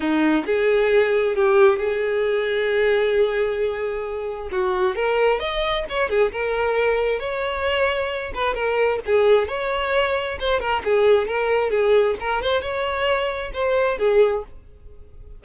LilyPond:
\new Staff \with { instrumentName = "violin" } { \time 4/4 \tempo 4 = 133 dis'4 gis'2 g'4 | gis'1~ | gis'2 fis'4 ais'4 | dis''4 cis''8 gis'8 ais'2 |
cis''2~ cis''8 b'8 ais'4 | gis'4 cis''2 c''8 ais'8 | gis'4 ais'4 gis'4 ais'8 c''8 | cis''2 c''4 gis'4 | }